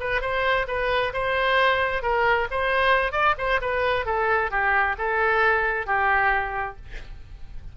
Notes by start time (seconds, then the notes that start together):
0.00 B4
0.21 C5
0.67 B4
1.13 C5
2.02 A#4
2.51 C5
3.12 D5
3.38 C5
3.61 B4
4.05 A4
4.51 G4
4.98 A4
5.86 G4